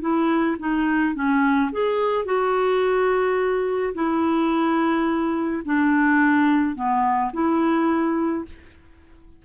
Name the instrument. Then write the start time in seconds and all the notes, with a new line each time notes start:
clarinet
0.00 E4
0.59 D#4
1.14 C#4
1.72 G#4
2.25 F#4
3.94 E4
5.65 D4
6.75 B3
7.33 E4